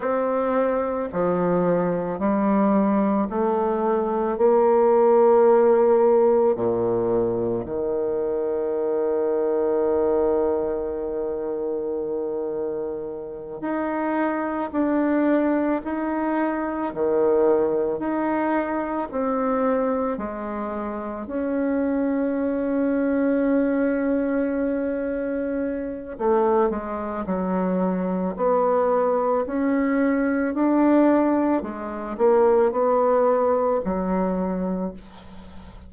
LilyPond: \new Staff \with { instrumentName = "bassoon" } { \time 4/4 \tempo 4 = 55 c'4 f4 g4 a4 | ais2 ais,4 dis4~ | dis1~ | dis8 dis'4 d'4 dis'4 dis8~ |
dis8 dis'4 c'4 gis4 cis'8~ | cis'1 | a8 gis8 fis4 b4 cis'4 | d'4 gis8 ais8 b4 fis4 | }